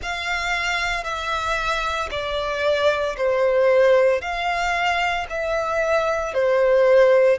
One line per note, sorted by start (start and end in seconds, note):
0.02 1.04 F5
1.04 2.09 E5
2.11 3.16 D5
3.17 4.21 C5
4.21 5.26 F5
5.29 6.33 E5
6.33 7.38 C5